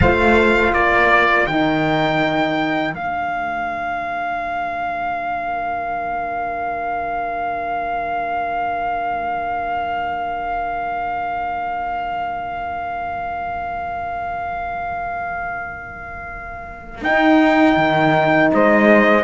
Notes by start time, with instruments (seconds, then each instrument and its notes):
0.00 cello A3, horn F4 C5, trumpet F5
0.72 cello A#3, horn A#4, trumpet D5
1.46 cello D#3, horn D#4, trumpet G5
2.94 cello A#3, horn D4, trumpet F5
17.01 cello D#4, horn D#4, trumpet G5
17.76 cello D#3
18.53 cello G#3, horn C5, trumpet D#5